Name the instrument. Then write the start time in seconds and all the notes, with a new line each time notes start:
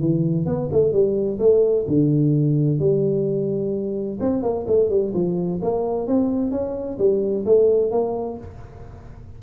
tuba
0.00 E3
0.46 B3
0.72 A3
0.92 G3
1.39 A3
1.88 D3
2.79 G3
4.20 C4
4.42 A#3
4.67 A3
4.89 G3
5.14 F3
5.62 A#3
6.07 C4
6.51 C#4
6.98 G3
7.45 A3
7.91 A#3